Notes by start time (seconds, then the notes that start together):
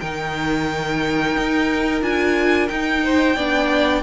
0.00 D#3 D#4 A#4 G5
1.37 D#4
2.02 D4 F4 G#5
2.68 D#4 G5
3.04 C5
3.36 B3 D4 D5